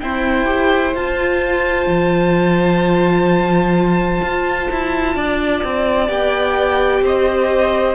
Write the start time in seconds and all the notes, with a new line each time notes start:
0.00 C4 E4 C5 G5
0.45 G4
0.95 F4 A5
1.86 F3
4.22 F4
4.71 E4
5.15 D4 D5
5.63 C4
6.07 B3 G4 G5
7.01 C4 C5 D#5